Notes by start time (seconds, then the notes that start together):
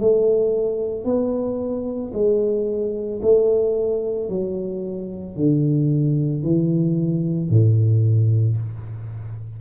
0.00 A3
1.05 B3
2.13 G#3
3.22 A3
4.30 F#3
5.37 D3
6.43 E3
7.50 A2